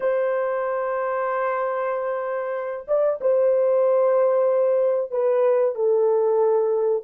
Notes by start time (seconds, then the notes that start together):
0.00 C5
2.87 D5
3.21 C5
5.11 B4
5.74 A4